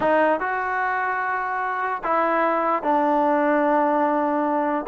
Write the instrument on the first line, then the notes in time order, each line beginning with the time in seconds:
trombone
0.00 D#4
0.40 F#4
2.03 E4
2.82 D4